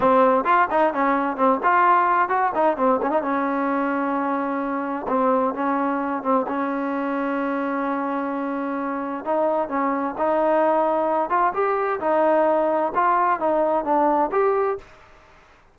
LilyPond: \new Staff \with { instrumentName = "trombone" } { \time 4/4 \tempo 4 = 130 c'4 f'8 dis'8 cis'4 c'8 f'8~ | f'4 fis'8 dis'8 c'8 cis'16 dis'16 cis'4~ | cis'2. c'4 | cis'4. c'8 cis'2~ |
cis'1 | dis'4 cis'4 dis'2~ | dis'8 f'8 g'4 dis'2 | f'4 dis'4 d'4 g'4 | }